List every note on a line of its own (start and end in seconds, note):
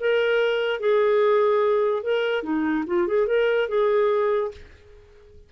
0.00 0.80 A#4
0.80 2.03 G#4
2.03 2.43 A#4
2.43 2.84 D#4
2.87 3.07 F4
3.07 3.27 G#4
3.27 3.68 A#4
3.69 4.51 G#4